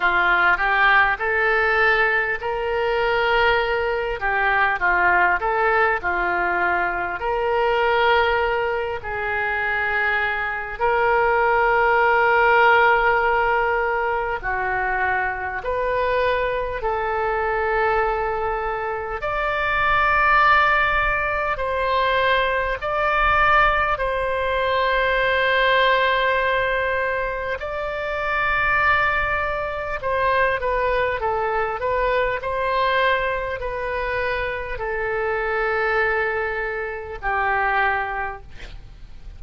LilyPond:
\new Staff \with { instrumentName = "oboe" } { \time 4/4 \tempo 4 = 50 f'8 g'8 a'4 ais'4. g'8 | f'8 a'8 f'4 ais'4. gis'8~ | gis'4 ais'2. | fis'4 b'4 a'2 |
d''2 c''4 d''4 | c''2. d''4~ | d''4 c''8 b'8 a'8 b'8 c''4 | b'4 a'2 g'4 | }